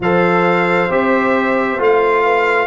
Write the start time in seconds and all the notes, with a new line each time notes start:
0.00 F3 A4 C5 F5
0.89 C4 G4 E5
1.78 A3 F4 F5
2.24 B4